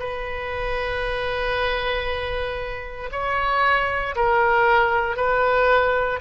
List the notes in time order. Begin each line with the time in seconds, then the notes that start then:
0.00 B4
3.12 C#5
4.16 A#4
5.17 B4